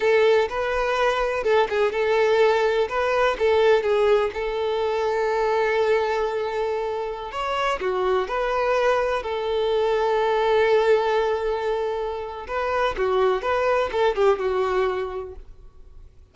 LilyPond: \new Staff \with { instrumentName = "violin" } { \time 4/4 \tempo 4 = 125 a'4 b'2 a'8 gis'8 | a'2 b'4 a'4 | gis'4 a'2.~ | a'2.~ a'16 cis''8.~ |
cis''16 fis'4 b'2 a'8.~ | a'1~ | a'2 b'4 fis'4 | b'4 a'8 g'8 fis'2 | }